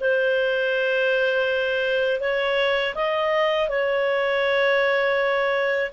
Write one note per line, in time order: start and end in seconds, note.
0.00 2.20 C5
2.20 2.94 C#5
2.94 3.68 D#5
3.69 5.91 C#5